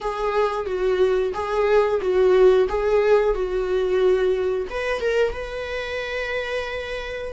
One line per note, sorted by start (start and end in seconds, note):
0.00 0.66 G#4
0.66 1.32 F#4
1.33 2.00 G#4
2.01 2.67 F#4
2.68 3.34 G#4
3.34 4.67 F#4
4.69 5.00 B4
5.00 5.32 A#4
5.32 7.32 B4